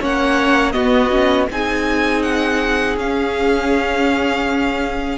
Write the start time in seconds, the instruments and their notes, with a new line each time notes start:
0.00 cello A#3, viola C#4, violin C#5 F#5
0.72 viola B3, cello B3, violin F#4 D#5
1.10 viola C#4
1.49 cello C4, viola D#4, violin G#4 G#5
2.22 violin F#5
2.96 cello C#4, viola C#4, violin F5